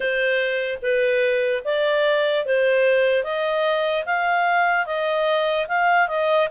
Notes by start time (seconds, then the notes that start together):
0.00 C5
0.81 B4
1.64 D5
2.45 C5
3.23 D#5
4.05 F5
4.85 D#5
5.68 F5
6.07 D#5